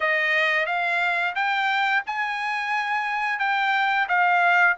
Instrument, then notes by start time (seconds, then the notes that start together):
trumpet
0.00 D#5
0.66 F5
1.35 G5
2.06 G#5
3.39 G5
4.08 F5